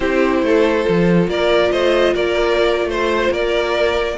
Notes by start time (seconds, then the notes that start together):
0.00 C4 E4 G4 C5
0.42 A3 A4
0.84 F3 F4
1.27 A#3 A#4 D5
1.71 A3 C5 D#5
2.13 A#3 A#4 D5
2.85 A3 C5
3.31 A#3 A#4 D5